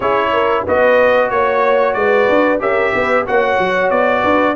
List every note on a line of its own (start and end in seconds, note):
0.00 0.63 C#4
0.00 0.66 E4
0.00 0.30 G#4
0.00 0.65 C#5
0.32 0.63 A#4
0.63 1.30 B3
0.63 2.59 F#4
0.63 1.29 B4
0.63 1.30 D#5
1.30 1.95 A#3
1.30 1.93 C#5
1.30 1.97 C#5
1.93 2.28 G#3
1.93 2.61 B4
1.93 2.58 D5
2.29 2.59 D4
2.59 2.92 C#4
2.59 3.24 G4
2.59 2.92 A#4
2.59 3.26 E5
2.92 3.27 B3
2.92 3.24 B4
3.25 3.58 A#3
3.25 4.56 F#4
3.25 4.21 C#5
3.25 3.90 F#5
3.58 3.90 F#3
3.90 4.23 B3
3.90 4.55 D5
4.21 4.56 D4
4.21 4.54 B4